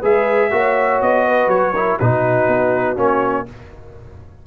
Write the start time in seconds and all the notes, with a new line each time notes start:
0.00 G#3 G#4 B4 E5
0.51 A#3 F#4 C#5
1.02 B3 D#5
1.27 B4
1.47 F#3 C#5
1.74 E4 A#4
1.97 B2 D#4 F#4 B4
2.48 B3
2.96 A#3 C#4 C#5